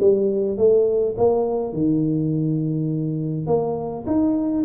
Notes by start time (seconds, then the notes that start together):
0.00 G3
0.57 A3
1.17 A#3
1.73 D#3
3.46 A#3
4.06 D#4